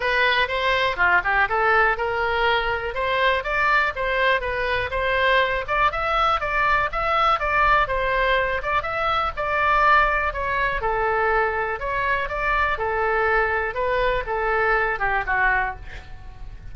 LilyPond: \new Staff \with { instrumentName = "oboe" } { \time 4/4 \tempo 4 = 122 b'4 c''4 f'8 g'8 a'4 | ais'2 c''4 d''4 | c''4 b'4 c''4. d''8 | e''4 d''4 e''4 d''4 |
c''4. d''8 e''4 d''4~ | d''4 cis''4 a'2 | cis''4 d''4 a'2 | b'4 a'4. g'8 fis'4 | }